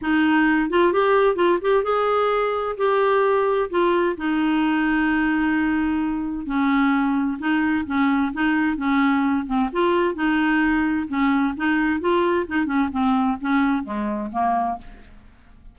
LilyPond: \new Staff \with { instrumentName = "clarinet" } { \time 4/4 \tempo 4 = 130 dis'4. f'8 g'4 f'8 g'8 | gis'2 g'2 | f'4 dis'2.~ | dis'2 cis'2 |
dis'4 cis'4 dis'4 cis'4~ | cis'8 c'8 f'4 dis'2 | cis'4 dis'4 f'4 dis'8 cis'8 | c'4 cis'4 gis4 ais4 | }